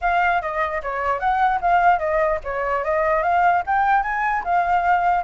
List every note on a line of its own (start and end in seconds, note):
0.01 0.41 F5
0.41 0.81 D#5
0.82 1.19 C#5
1.19 1.59 F#5
1.61 1.99 F5
1.99 2.39 D#5
2.44 2.84 C#5
2.84 3.23 D#5
3.23 3.63 F5
3.66 4.02 G5
4.02 4.43 G#5
4.44 5.23 F5